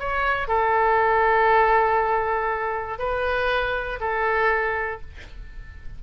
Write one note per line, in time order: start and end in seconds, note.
0.00 0.48 C#5
0.48 2.99 A4
2.99 4.00 B4
4.00 5.01 A4